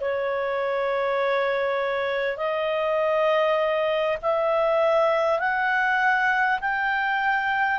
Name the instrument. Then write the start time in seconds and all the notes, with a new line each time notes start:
clarinet
0.00 C#5
2.37 D#5
4.22 E5
5.39 F#5
6.61 G5